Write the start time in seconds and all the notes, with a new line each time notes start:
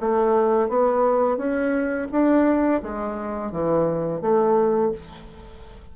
0.00 A3
0.69 B3
1.37 C#4
2.11 D4
2.82 G#3
3.52 E3
4.21 A3